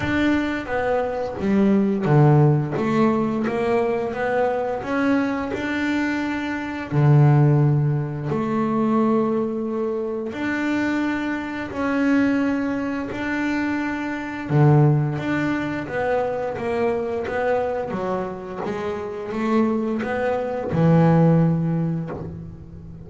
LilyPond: \new Staff \with { instrumentName = "double bass" } { \time 4/4 \tempo 4 = 87 d'4 b4 g4 d4 | a4 ais4 b4 cis'4 | d'2 d2 | a2. d'4~ |
d'4 cis'2 d'4~ | d'4 d4 d'4 b4 | ais4 b4 fis4 gis4 | a4 b4 e2 | }